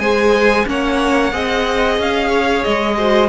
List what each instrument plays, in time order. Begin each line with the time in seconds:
0.00 cello G#3, viola G#4, violin C5 G#5
0.66 cello A#3, viola C#4, violin C#5 F#5
1.33 cello C4, viola G#4, violin D#5
1.99 cello C#4, violin F5
2.29 violin C#5
2.64 cello G#3, violin D#5
2.98 viola F#4, violin C5